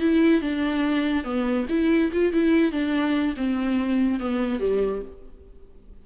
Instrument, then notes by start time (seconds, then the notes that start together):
viola
0.00 E4
0.41 D4
1.24 B3
1.69 E4
2.12 F4
2.32 E4
2.71 D4
3.37 C4
4.20 B3
4.59 G3